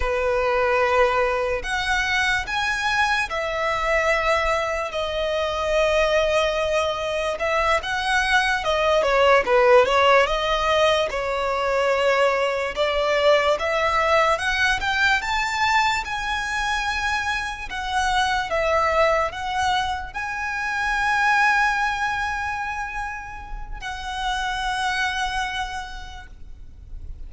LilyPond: \new Staff \with { instrumentName = "violin" } { \time 4/4 \tempo 4 = 73 b'2 fis''4 gis''4 | e''2 dis''2~ | dis''4 e''8 fis''4 dis''8 cis''8 b'8 | cis''8 dis''4 cis''2 d''8~ |
d''8 e''4 fis''8 g''8 a''4 gis''8~ | gis''4. fis''4 e''4 fis''8~ | fis''8 gis''2.~ gis''8~ | gis''4 fis''2. | }